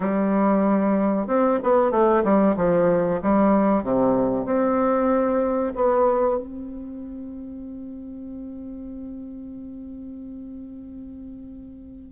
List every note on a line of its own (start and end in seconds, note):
0.00 1.27 G3
1.27 1.59 C4
1.63 1.91 B3
1.91 2.23 A3
2.23 2.55 G3
2.56 3.20 F3
3.22 3.83 G3
3.83 4.45 C3
4.45 5.72 C4
5.74 6.38 B3
6.38 12.11 C4